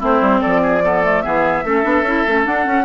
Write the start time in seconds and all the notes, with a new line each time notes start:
0.00 A3 C4 E4 C5
0.21 G3
0.41 F3 A4 D5
0.63 G#4
0.84 B3 A4
1.04 A3
1.22 E3 B3 G#4 E5
1.64 A3 C#4 A4
1.83 B3 D4
2.03 C#4 E4
2.27 A3 C#4
2.45 D4 F#5
2.64 C#4